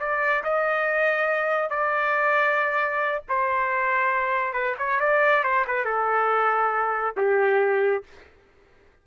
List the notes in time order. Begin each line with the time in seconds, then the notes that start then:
0.00 D5
0.44 D#5
1.70 D5
3.29 C5
4.54 B4
4.79 C#5
5.00 D5
5.44 C5
5.67 B4
5.85 A4
7.17 G4